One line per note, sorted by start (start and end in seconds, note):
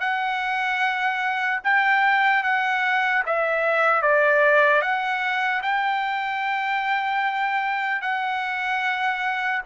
0.00 1.60 F#5
1.64 2.43 G5
2.43 3.23 F#5
3.26 4.02 E5
4.02 4.82 D5
4.82 5.62 F#5
5.63 8.02 G5
8.02 9.62 F#5